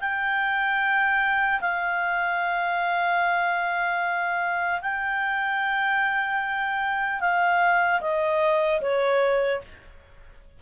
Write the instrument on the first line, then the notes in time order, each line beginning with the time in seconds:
clarinet
0.00 G5
1.60 F5
4.81 G5
7.20 F5
8.00 D#5
8.81 C#5